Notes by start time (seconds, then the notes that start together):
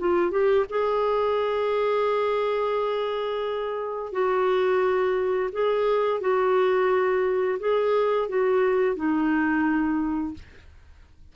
0.00 F4
0.31 G4
0.70 G#4
4.13 F#4
5.53 G#4
6.21 F#4
7.60 G#4
8.29 F#4
8.96 D#4